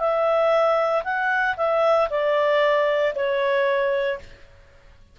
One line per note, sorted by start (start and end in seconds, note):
0.00 1.03 E5
1.04 1.56 F#5
1.57 2.09 E5
2.11 3.14 D5
3.16 4.19 C#5